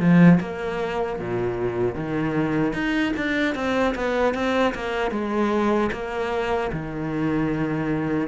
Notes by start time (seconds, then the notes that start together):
0.00 F3
0.41 A#3
1.19 A#2
1.95 D#3
2.73 D#4
3.17 D4
3.55 C4
3.95 B3
4.34 C4
4.74 A#3
5.11 G#3
5.92 A#3
6.72 D#3